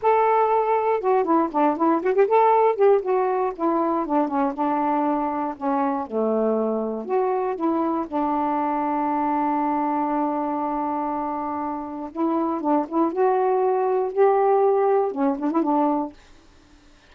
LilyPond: \new Staff \with { instrumentName = "saxophone" } { \time 4/4 \tempo 4 = 119 a'2 fis'8 e'8 d'8 e'8 | fis'16 g'16 a'4 g'8 fis'4 e'4 | d'8 cis'8 d'2 cis'4 | a2 fis'4 e'4 |
d'1~ | d'1 | e'4 d'8 e'8 fis'2 | g'2 cis'8 d'16 e'16 d'4 | }